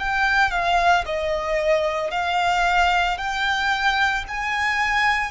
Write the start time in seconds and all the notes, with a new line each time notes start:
0.00 G5
0.52 F5
1.06 D#5
2.11 F5
3.18 G5
4.29 G#5